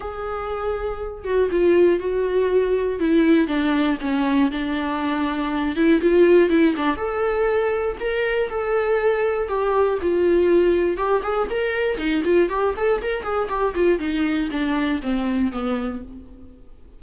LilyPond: \new Staff \with { instrumentName = "viola" } { \time 4/4 \tempo 4 = 120 gis'2~ gis'8 fis'8 f'4 | fis'2 e'4 d'4 | cis'4 d'2~ d'8 e'8 | f'4 e'8 d'8 a'2 |
ais'4 a'2 g'4 | f'2 g'8 gis'8 ais'4 | dis'8 f'8 g'8 a'8 ais'8 gis'8 g'8 f'8 | dis'4 d'4 c'4 b4 | }